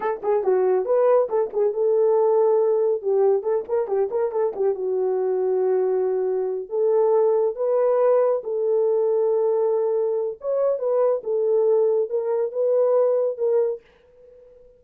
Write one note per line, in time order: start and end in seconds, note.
0.00 0.21 A4
0.23 0.43 G#4
0.43 0.85 F#4
0.85 1.28 B4
1.29 1.50 A4
1.53 1.73 G#4
1.73 3.02 A4
3.02 3.42 G4
3.42 3.64 A4
3.68 3.87 A#4
3.87 4.09 G4
4.10 4.31 A#4
4.31 4.53 A4
4.55 4.74 G4
4.74 6.69 F#4
6.69 7.55 A4
7.55 8.42 B4
8.43 10.38 A4
10.40 10.78 C#5
10.78 11.22 B4
11.23 12.09 A4
12.09 12.52 A#4
12.52 13.37 B4
13.37 13.81 A#4